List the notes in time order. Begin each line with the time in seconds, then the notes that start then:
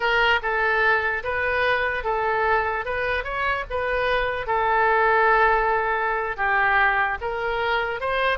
0.00 A#4
0.42 A4
1.23 B4
2.04 A4
2.85 B4
3.24 C#5
3.69 B4
4.46 A4
6.36 G4
7.21 A#4
8.00 C5